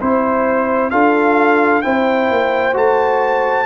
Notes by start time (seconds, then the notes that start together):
0.00 C4 E4 C5
0.90 D4 F4 A4 F5
1.82 C4 E4 C5 G5
2.30 A#3
2.73 A3 F#4 A5